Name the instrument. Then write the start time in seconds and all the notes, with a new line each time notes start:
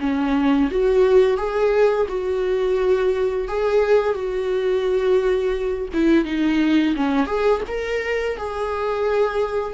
viola
0.00 C#4
0.71 F#4
1.37 G#4
2.08 F#4
3.48 G#4
4.14 F#4
5.93 E4
6.25 D#4
6.96 C#4
7.27 G#4
7.67 A#4
8.37 G#4